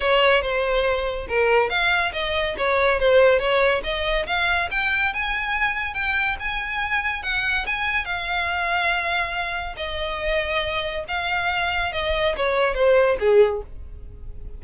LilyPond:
\new Staff \with { instrumentName = "violin" } { \time 4/4 \tempo 4 = 141 cis''4 c''2 ais'4 | f''4 dis''4 cis''4 c''4 | cis''4 dis''4 f''4 g''4 | gis''2 g''4 gis''4~ |
gis''4 fis''4 gis''4 f''4~ | f''2. dis''4~ | dis''2 f''2 | dis''4 cis''4 c''4 gis'4 | }